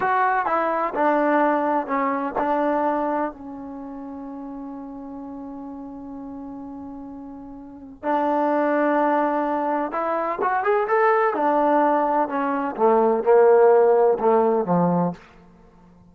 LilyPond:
\new Staff \with { instrumentName = "trombone" } { \time 4/4 \tempo 4 = 127 fis'4 e'4 d'2 | cis'4 d'2 cis'4~ | cis'1~ | cis'1~ |
cis'4 d'2.~ | d'4 e'4 fis'8 gis'8 a'4 | d'2 cis'4 a4 | ais2 a4 f4 | }